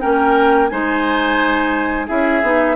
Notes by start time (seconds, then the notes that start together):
0.00 A#3 C#4 A#4 G5
0.68 G#3 D#4 C5 G#5
2.07 C#4 E4 G#4 E5
2.42 B3 D#4